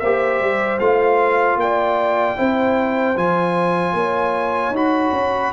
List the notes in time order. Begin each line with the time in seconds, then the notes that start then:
0.00 A#3 G4 C5 E5
0.40 G3
0.80 A3 F4 F5
1.56 A#3 D5 G5
2.37 C4 E4 C5
3.16 F3 F4 G#5
3.93 A#3 C#5
4.71 D#4 F#4 B5
5.12 C#4